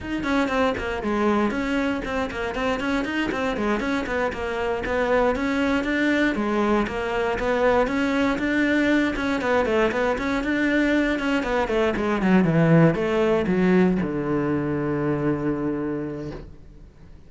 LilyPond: \new Staff \with { instrumentName = "cello" } { \time 4/4 \tempo 4 = 118 dis'8 cis'8 c'8 ais8 gis4 cis'4 | c'8 ais8 c'8 cis'8 dis'8 c'8 gis8 cis'8 | b8 ais4 b4 cis'4 d'8~ | d'8 gis4 ais4 b4 cis'8~ |
cis'8 d'4. cis'8 b8 a8 b8 | cis'8 d'4. cis'8 b8 a8 gis8 | fis8 e4 a4 fis4 d8~ | d1 | }